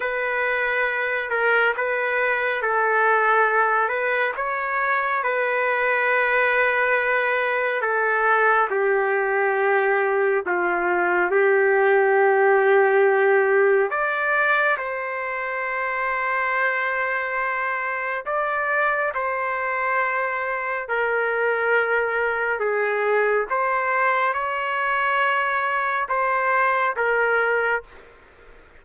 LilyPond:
\new Staff \with { instrumentName = "trumpet" } { \time 4/4 \tempo 4 = 69 b'4. ais'8 b'4 a'4~ | a'8 b'8 cis''4 b'2~ | b'4 a'4 g'2 | f'4 g'2. |
d''4 c''2.~ | c''4 d''4 c''2 | ais'2 gis'4 c''4 | cis''2 c''4 ais'4 | }